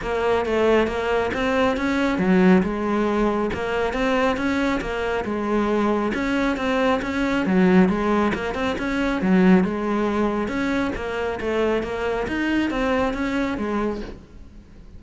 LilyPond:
\new Staff \with { instrumentName = "cello" } { \time 4/4 \tempo 4 = 137 ais4 a4 ais4 c'4 | cis'4 fis4 gis2 | ais4 c'4 cis'4 ais4 | gis2 cis'4 c'4 |
cis'4 fis4 gis4 ais8 c'8 | cis'4 fis4 gis2 | cis'4 ais4 a4 ais4 | dis'4 c'4 cis'4 gis4 | }